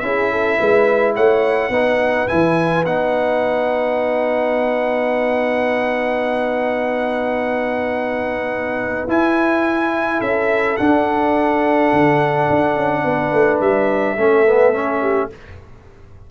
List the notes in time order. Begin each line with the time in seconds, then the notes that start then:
0.00 C#4 E4 G#4 E5
0.32 A4
0.59 G#3 B4
1.15 A3 C#5 F#5
1.70 B3 D#4 B4
2.28 E3 E4 G#5
2.86 B3 D#4 F#5
9.08 E4 G#5
10.19 C#4 A4 E5
10.77 D4 F#5
11.93 D3
12.50 D4
12.76 C#4
13.04 B3 B4
13.33 A3
13.61 G3 E5
14.18 A3 C#4 A4
14.47 B3
14.74 C#4
15.02 G4